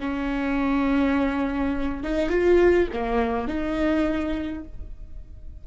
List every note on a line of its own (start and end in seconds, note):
0.00 2.04 C#4
2.04 2.30 D#4
2.30 2.88 F4
2.93 3.48 A#3
3.48 4.64 D#4